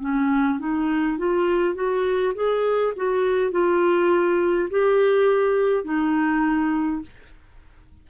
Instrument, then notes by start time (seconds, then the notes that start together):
clarinet
0.00 C#4
0.59 D#4
1.18 F4
1.74 F#4
2.34 G#4
2.96 F#4
3.51 F4
4.70 G4
5.84 D#4